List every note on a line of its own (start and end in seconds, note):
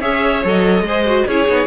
0.00 0.45 C#4
0.00 0.43 G#4
0.00 0.85 C#5
0.00 0.43 E5
0.43 0.81 F#3
0.43 0.85 A4
0.43 1.27 D#5
0.81 1.23 G#3
0.81 1.27 C5
0.88 1.06 G#4
1.06 1.27 F#4
1.27 1.48 C#4
1.27 1.47 E4
1.27 1.66 G#4
1.27 1.66 C#5
1.47 1.66 B3
1.47 1.66 D#4